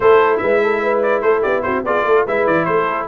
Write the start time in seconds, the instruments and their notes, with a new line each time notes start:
0.00 tuba A3, trombone E4, horn A4, trumpet C5
0.37 tuba G#3, horn B4, trumpet E5
0.63 horn A4
0.82 horn B4
1.02 trumpet D5
1.21 tuba A3, horn A4, trumpet C5
1.41 tuba B3, horn G4, trumpet D5
1.62 tuba C4, horn F#4, trumpet C5
1.83 tuba B3, trombone F4, horn G#4, trumpet D5
2.04 tuba A3, horn A4
2.25 tuba G#3, trombone E4, horn B4, trumpet E5
2.46 tuba E3, trumpet D5
2.65 tuba A3, horn A4, trumpet C5